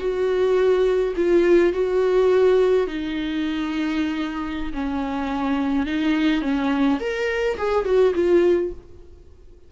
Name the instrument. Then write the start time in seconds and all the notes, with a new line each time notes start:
viola
0.00 F#4
1.17 F4
1.74 F#4
2.87 D#4
4.74 C#4
5.87 D#4
6.42 C#4
7.01 A#4
7.58 G#4
7.85 F#4
8.15 F4